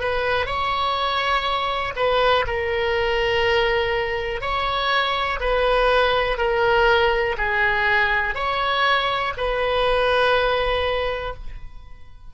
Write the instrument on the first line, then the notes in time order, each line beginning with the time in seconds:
oboe
0.00 B4
0.46 C#5
1.96 B4
2.47 A#4
4.42 C#5
5.40 B4
6.38 A#4
7.38 G#4
8.35 C#5
9.38 B4